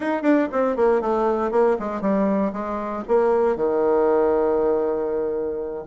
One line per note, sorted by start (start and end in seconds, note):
0.00 0.22 D#4
0.22 0.47 D4
0.52 0.76 C4
0.76 1.01 A#3
1.01 1.51 A3
1.51 1.76 A#3
1.79 2.01 G#3
2.01 2.52 G3
2.52 3.03 G#3
3.08 3.55 A#3
3.55 5.84 D#3